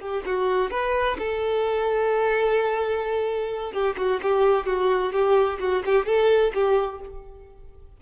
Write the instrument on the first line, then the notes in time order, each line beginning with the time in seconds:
violin
0.00 G4
0.26 F#4
0.71 B4
1.19 A4
3.73 G4
3.98 F#4
4.22 G4
4.66 F#4
5.13 G4
5.60 F#4
5.86 G4
6.06 A4
6.54 G4